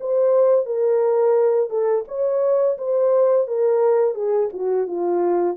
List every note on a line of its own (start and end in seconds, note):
0.00 0.66 C5
0.66 1.70 A#4
1.70 2.05 A4
2.08 2.77 C#5
2.78 3.47 C5
3.47 4.14 A#4
4.14 4.49 G#4
4.53 4.87 F#4
4.87 5.57 F4